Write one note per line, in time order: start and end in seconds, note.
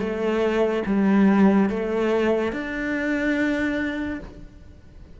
0.00 0.83 A3
0.86 1.70 G3
1.70 2.53 A3
2.53 4.19 D4